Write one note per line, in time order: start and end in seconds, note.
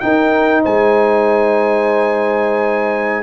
0.00 3.23 D#4
0.00 0.65 D#4
0.00 0.62 A#4
0.00 0.62 G5
0.62 3.23 G#3
0.62 3.23 C5
0.62 3.23 G#5